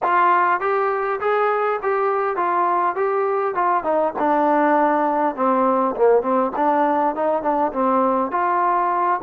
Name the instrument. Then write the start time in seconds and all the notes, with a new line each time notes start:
trombone
0.02 F4
0.60 G4
1.20 G#4
1.82 G4
2.36 F4
2.95 G4
3.54 F4
3.83 D#4
4.18 D4
5.35 C4
5.95 A#3
6.22 C4
6.56 D4
7.15 D#4
7.42 D4
7.73 C4
8.31 F4